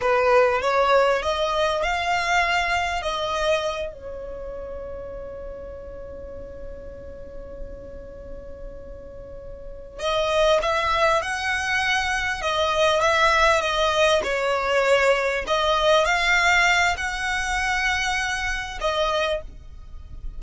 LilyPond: \new Staff \with { instrumentName = "violin" } { \time 4/4 \tempo 4 = 99 b'4 cis''4 dis''4 f''4~ | f''4 dis''4. cis''4.~ | cis''1~ | cis''1~ |
cis''8 dis''4 e''4 fis''4.~ | fis''8 dis''4 e''4 dis''4 cis''8~ | cis''4. dis''4 f''4. | fis''2. dis''4 | }